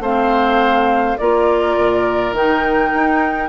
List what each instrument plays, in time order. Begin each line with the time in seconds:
0.00 bassoon A3, clarinet C4, oboe C5, flute F5
1.18 bassoon A#3, clarinet F4, oboe A#4, flute D5
1.78 bassoon A#2
2.33 bassoon D#3, clarinet D#4, flute G5
2.94 bassoon D#4